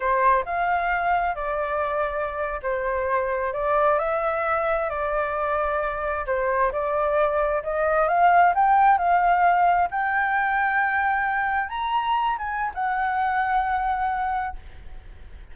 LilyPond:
\new Staff \with { instrumentName = "flute" } { \time 4/4 \tempo 4 = 132 c''4 f''2 d''4~ | d''4.~ d''16 c''2 d''16~ | d''8. e''2 d''4~ d''16~ | d''4.~ d''16 c''4 d''4~ d''16~ |
d''8. dis''4 f''4 g''4 f''16~ | f''4.~ f''16 g''2~ g''16~ | g''4.~ g''16 ais''4. gis''8. | fis''1 | }